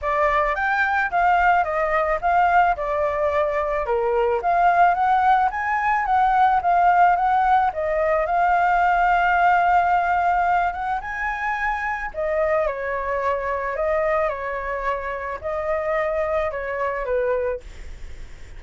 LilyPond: \new Staff \with { instrumentName = "flute" } { \time 4/4 \tempo 4 = 109 d''4 g''4 f''4 dis''4 | f''4 d''2 ais'4 | f''4 fis''4 gis''4 fis''4 | f''4 fis''4 dis''4 f''4~ |
f''2.~ f''8 fis''8 | gis''2 dis''4 cis''4~ | cis''4 dis''4 cis''2 | dis''2 cis''4 b'4 | }